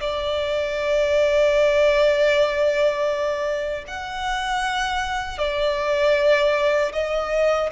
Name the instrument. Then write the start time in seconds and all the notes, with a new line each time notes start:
violin
0.00 D5
3.87 F#5
5.38 D5
6.93 D#5